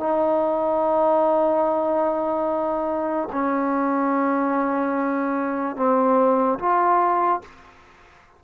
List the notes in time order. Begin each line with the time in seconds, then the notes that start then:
0.00 D#4
3.33 C#4
5.77 C4
6.60 F4